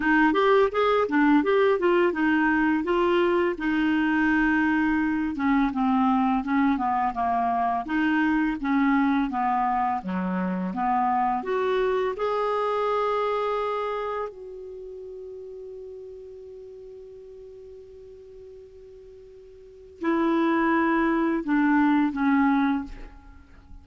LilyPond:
\new Staff \with { instrumentName = "clarinet" } { \time 4/4 \tempo 4 = 84 dis'8 g'8 gis'8 d'8 g'8 f'8 dis'4 | f'4 dis'2~ dis'8 cis'8 | c'4 cis'8 b8 ais4 dis'4 | cis'4 b4 fis4 b4 |
fis'4 gis'2. | fis'1~ | fis'1 | e'2 d'4 cis'4 | }